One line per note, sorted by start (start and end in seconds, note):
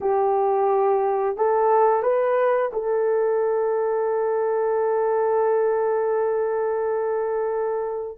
0.00 1.36 G4
1.36 2.03 A4
2.03 2.71 B4
2.72 8.18 A4